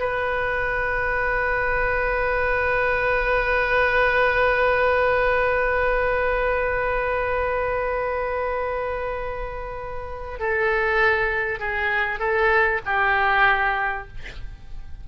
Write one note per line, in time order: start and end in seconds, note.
0.00 10.40 B4
10.40 11.60 A4
11.60 12.20 G#4
12.20 12.81 A4
12.86 14.08 G4